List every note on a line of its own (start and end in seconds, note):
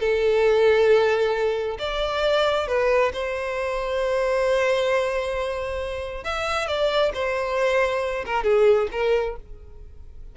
0.00 1.78 A4
1.79 2.67 D5
2.68 3.12 B4
3.13 6.24 C5
6.24 6.68 E5
6.68 7.12 D5
7.14 8.25 C5
8.26 8.44 A#4
8.44 8.88 G#4
8.92 9.36 A#4